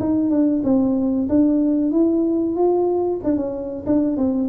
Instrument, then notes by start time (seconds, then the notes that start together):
tuba
0.00 D#4
0.30 D4
0.64 C4
1.29 D4
1.92 E4
2.56 F4
3.24 D4
3.37 C#4
3.86 D4
4.17 C4